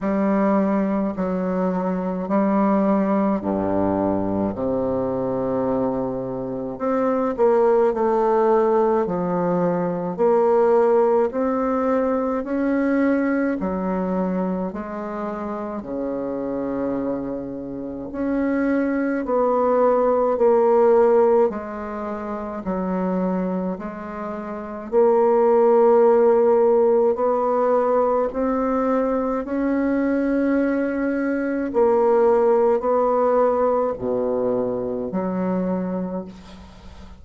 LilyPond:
\new Staff \with { instrumentName = "bassoon" } { \time 4/4 \tempo 4 = 53 g4 fis4 g4 g,4 | c2 c'8 ais8 a4 | f4 ais4 c'4 cis'4 | fis4 gis4 cis2 |
cis'4 b4 ais4 gis4 | fis4 gis4 ais2 | b4 c'4 cis'2 | ais4 b4 b,4 fis4 | }